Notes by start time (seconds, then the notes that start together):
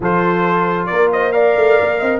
0.00 F3 F4 A4 C5
0.86 A#3 A#4 D5
1.12 C5 D#5
1.32 A#4 D5 F5
1.56 A3
1.80 A#3
1.99 C4 D#5